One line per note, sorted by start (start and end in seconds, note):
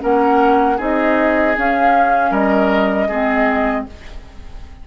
0.00 0.80 A#3
0.00 0.77 C#4
0.00 0.77 A#4
0.00 0.80 F#5
0.77 1.57 C4
0.77 1.55 D#4
0.77 2.31 G#4
0.77 1.57 D#5
1.57 2.31 C#4
1.57 3.11 C#4
1.57 2.33 F5
2.31 3.08 G3
2.31 3.08 A#4
2.31 3.87 D#5
3.08 3.86 G#3
3.08 3.88 C4
3.08 3.85 G#4